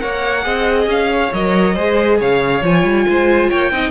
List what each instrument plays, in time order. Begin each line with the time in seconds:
0.00 cello A#3, viola A#4, violin C#5 F#5
0.43 cello C4, viola G#4, violin D#5
0.87 cello C#4, violin F5
1.12 violin C#5
1.34 cello F#3, viola A#4, violin D#5
1.75 cello G#3, viola G#4, violin C5
2.20 cello C#3, violin C#5 F5
2.62 cello F3, viola F4, violin G#5
2.84 cello G3
3.09 cello G#3, violin C5
3.50 cello A#3, violin C#5 G5
3.71 cello C4, viola D#4, violin D#5